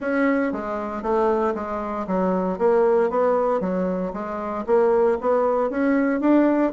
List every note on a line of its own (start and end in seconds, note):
0.00 0.52 C#4
0.52 1.02 G#3
1.02 1.54 A3
1.54 2.06 G#3
2.07 2.58 F#3
2.58 3.10 A#3
3.10 3.60 B3
3.60 4.12 F#3
4.13 4.65 G#3
4.66 5.17 A#3
5.20 5.70 B3
5.70 6.20 C#4
6.20 6.72 D4